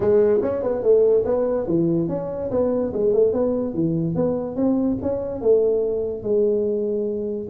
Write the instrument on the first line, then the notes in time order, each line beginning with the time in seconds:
tuba
0.00 G#3
0.41 C#4
0.62 B3
0.82 A3
1.25 B3
1.67 E3
2.08 C#4
2.50 B3
2.93 G#3
3.13 A3
3.32 B3
3.74 E3
4.15 B3
4.56 C4
5.02 C#4
5.41 A3
6.23 G#3